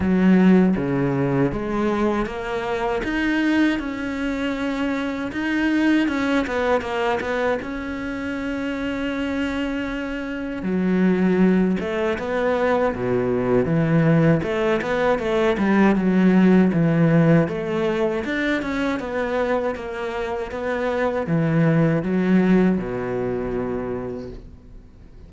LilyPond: \new Staff \with { instrumentName = "cello" } { \time 4/4 \tempo 4 = 79 fis4 cis4 gis4 ais4 | dis'4 cis'2 dis'4 | cis'8 b8 ais8 b8 cis'2~ | cis'2 fis4. a8 |
b4 b,4 e4 a8 b8 | a8 g8 fis4 e4 a4 | d'8 cis'8 b4 ais4 b4 | e4 fis4 b,2 | }